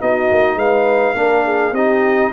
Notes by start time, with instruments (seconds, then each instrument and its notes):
0.00 tuba B3, trombone D#4, horn F#4, trumpet D#5
0.31 tuba A#3
0.55 tuba G#3, horn B4, trumpet F5
1.14 tuba A#3, trombone D4, horn A#4
1.45 horn G#4
1.72 tuba C4, trombone D#4, horn G4, trumpet D#5